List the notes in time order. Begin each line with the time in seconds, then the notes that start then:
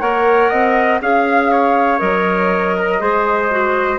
0.00 A#3 A#4 C#5 F#5
0.50 C4 D#5
1.01 C#4 G#4 F5
1.52 C#5
1.99 F#3 A#4 D#5
2.77 A#4
3.00 G#3 G#4 C5
3.51 F#4